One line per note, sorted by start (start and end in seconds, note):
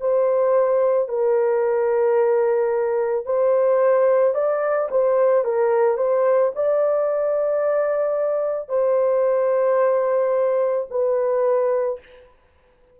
0.00 1.08 C5
1.08 3.25 A#4
3.25 4.34 C5
4.34 4.88 D5
4.90 5.44 C5
5.44 5.97 A#4
5.97 6.52 C5
6.55 8.69 D5
8.69 10.87 C5
10.90 11.99 B4